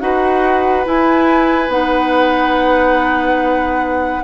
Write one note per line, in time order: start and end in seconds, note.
0.00 0.85 D#4
0.00 0.85 F#4
0.00 4.24 B4
0.00 0.85 F#5
0.85 1.69 E4
0.85 1.68 E4
0.85 1.71 G#5
1.68 4.21 B3
1.68 4.22 D#4
1.68 4.24 F#5